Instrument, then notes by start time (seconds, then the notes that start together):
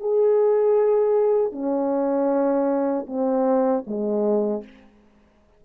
horn
0.00 G#4
1.52 C#4
3.07 C4
3.87 G#3